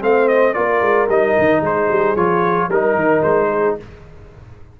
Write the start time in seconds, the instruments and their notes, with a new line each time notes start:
0.00 tuba A3, trombone C4, horn C5, trumpet F5
0.28 trumpet D#5
0.53 tuba A#3, trombone F4, horn A#4, trumpet D5
0.81 tuba G#3
1.08 tuba G3, trombone D#4, trumpet D#5
1.38 tuba D#3
1.61 tuba G#3, horn G#4, trumpet C5
1.90 tuba G3
2.16 tuba F3, trombone F4, trumpet C#5
2.68 tuba G3, trombone D#4, horn A#4, trumpet A#4
2.95 tuba D#3
3.22 tuba G#3, trumpet C5
3.49 horn G#4